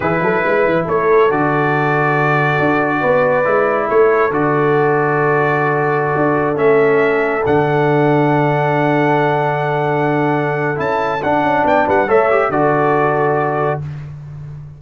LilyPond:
<<
  \new Staff \with { instrumentName = "trumpet" } { \time 4/4 \tempo 4 = 139 b'2 cis''4 d''4~ | d''1~ | d''4 cis''4 d''2~ | d''2.~ d''16 e''8.~ |
e''4~ e''16 fis''2~ fis''8.~ | fis''1~ | fis''4 a''4 fis''4 g''8 fis''8 | e''4 d''2. | }
  \new Staff \with { instrumentName = "horn" } { \time 4/4 gis'8 a'8 b'4 a'2~ | a'2. b'4~ | b'4 a'2.~ | a'1~ |
a'1~ | a'1~ | a'2. d''8 b'8 | cis''4 a'2. | }
  \new Staff \with { instrumentName = "trombone" } { \time 4/4 e'2. fis'4~ | fis'1 | e'2 fis'2~ | fis'2.~ fis'16 cis'8.~ |
cis'4~ cis'16 d'2~ d'8.~ | d'1~ | d'4 e'4 d'2 | a'8 g'8 fis'2. | }
  \new Staff \with { instrumentName = "tuba" } { \time 4/4 e8 fis8 gis8 e8 a4 d4~ | d2 d'4 b4 | gis4 a4 d2~ | d2~ d16 d'4 a8.~ |
a4~ a16 d2~ d8.~ | d1~ | d4 cis'4 d'8 cis'8 b8 g8 | a4 d2. | }
>>